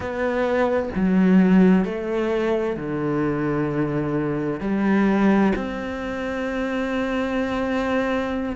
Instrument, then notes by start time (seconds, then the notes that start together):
cello
0.00 B3
0.95 F#3
1.84 A3
2.76 D3
4.60 G3
5.55 C4